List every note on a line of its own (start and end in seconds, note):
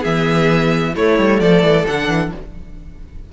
0.00 0.95 E3
0.00 0.94 B3
0.00 0.91 G#4
0.00 0.94 E5
0.95 1.18 A3
0.95 1.87 A3
0.95 1.41 E4
0.95 1.40 C#5
1.18 1.41 G3
1.40 1.62 F3
1.40 2.33 A4
1.40 1.86 D5
1.62 1.85 E3
1.87 2.08 D3
1.87 2.32 D4
1.87 2.32 F#5
2.08 2.31 E3